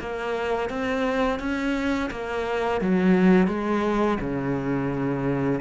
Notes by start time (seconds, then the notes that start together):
0.00 A#3
0.69 C4
1.39 C#4
2.11 A#3
2.81 F#3
3.47 G#3
4.20 C#3